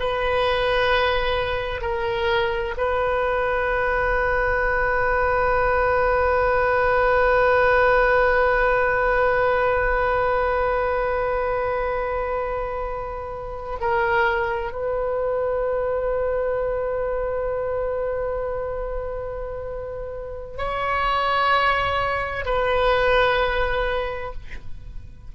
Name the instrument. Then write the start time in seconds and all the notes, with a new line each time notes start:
oboe
0.00 B4
1.82 A#4
2.78 B4
13.81 A#4
14.72 B4
20.58 C#5
22.46 B4